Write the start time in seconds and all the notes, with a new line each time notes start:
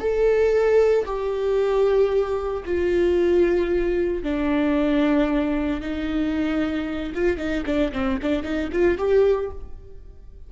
0.00 A4
1.06 G4
2.65 F4
4.23 D4
5.81 D#4
7.15 F4
7.38 D#4
7.66 D4
7.92 C4
8.22 D4
8.43 D#4
8.72 F4
8.98 G4